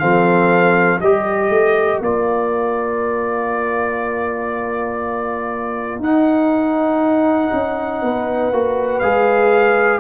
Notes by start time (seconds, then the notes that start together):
0.00 F3 C4 A4 F5
1.00 G3 G4 A#4 D#5
1.50 A3
2.01 A#3 F4 D5
5.99 D#4 F#5
7.53 C#4
8.03 B3 B4
8.52 A#3 F#4
9.00 G#3 G#4 F5